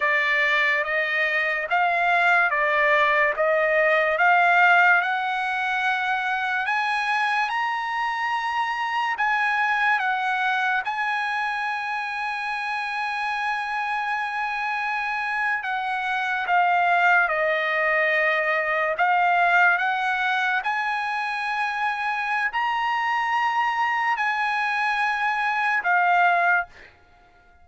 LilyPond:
\new Staff \with { instrumentName = "trumpet" } { \time 4/4 \tempo 4 = 72 d''4 dis''4 f''4 d''4 | dis''4 f''4 fis''2 | gis''4 ais''2 gis''4 | fis''4 gis''2.~ |
gis''2~ gis''8. fis''4 f''16~ | f''8. dis''2 f''4 fis''16~ | fis''8. gis''2~ gis''16 ais''4~ | ais''4 gis''2 f''4 | }